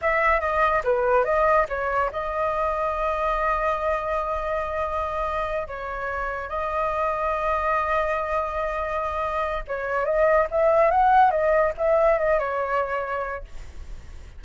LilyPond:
\new Staff \with { instrumentName = "flute" } { \time 4/4 \tempo 4 = 143 e''4 dis''4 b'4 dis''4 | cis''4 dis''2.~ | dis''1~ | dis''4. cis''2 dis''8~ |
dis''1~ | dis''2. cis''4 | dis''4 e''4 fis''4 dis''4 | e''4 dis''8 cis''2~ cis''8 | }